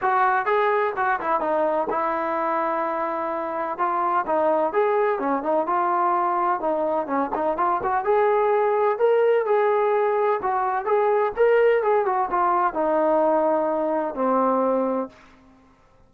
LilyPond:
\new Staff \with { instrumentName = "trombone" } { \time 4/4 \tempo 4 = 127 fis'4 gis'4 fis'8 e'8 dis'4 | e'1 | f'4 dis'4 gis'4 cis'8 dis'8 | f'2 dis'4 cis'8 dis'8 |
f'8 fis'8 gis'2 ais'4 | gis'2 fis'4 gis'4 | ais'4 gis'8 fis'8 f'4 dis'4~ | dis'2 c'2 | }